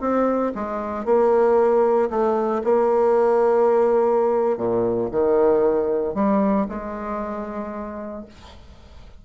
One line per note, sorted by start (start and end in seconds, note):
0.00 0.52 C4
0.55 1.05 G#3
1.05 2.09 A#3
2.10 2.62 A3
2.64 4.57 A#3
4.57 5.09 A#2
5.11 6.14 D#3
6.14 6.66 G3
6.69 8.25 G#3